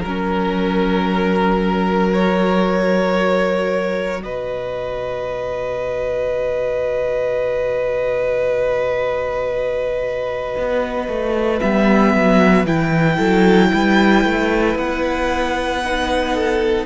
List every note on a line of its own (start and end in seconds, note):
0.00 4.23 F#3
0.00 4.21 A#4
0.00 2.13 A#4
0.06 2.15 C#4
2.13 11.61 F#4
2.13 4.23 C#5
4.23 10.55 B2
4.23 13.16 B4
4.23 11.59 D#5
10.58 11.08 B3
11.08 11.60 A3
11.60 12.14 G3
11.60 12.66 B3
11.60 12.65 E5
12.14 12.65 F#3
12.65 13.18 E3
12.65 15.82 E4
12.65 14.77 G5
13.16 13.71 F#3
13.16 13.68 A4
13.73 14.24 G3
13.73 16.33 B4
14.24 14.75 A3
14.75 16.86 B3
14.75 16.86 F#5
15.84 16.86 D#4
16.33 16.86 A4